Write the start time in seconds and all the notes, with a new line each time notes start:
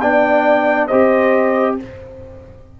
0.00 B3 D4 D5 G5
0.87 C4 G4 C5 D#5